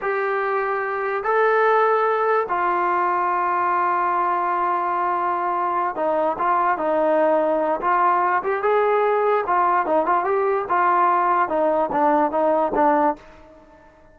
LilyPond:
\new Staff \with { instrumentName = "trombone" } { \time 4/4 \tempo 4 = 146 g'2. a'4~ | a'2 f'2~ | f'1~ | f'2~ f'8 dis'4 f'8~ |
f'8 dis'2~ dis'8 f'4~ | f'8 g'8 gis'2 f'4 | dis'8 f'8 g'4 f'2 | dis'4 d'4 dis'4 d'4 | }